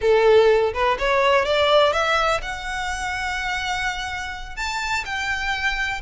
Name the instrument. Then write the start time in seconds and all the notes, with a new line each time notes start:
violin
0.01 A4
0.73 B4
0.98 C#5
1.45 D5
1.92 E5
2.42 F#5
4.56 A5
5.05 G5